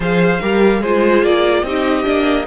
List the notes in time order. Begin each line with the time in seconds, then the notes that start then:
0.00 F3 G#4 C5 F5
0.40 G3 G4 A#4
0.80 G#3 F4 G#4 C5
1.22 A#3 D5
1.62 C4 D#4 G4 D#5
2.03 A#3 D4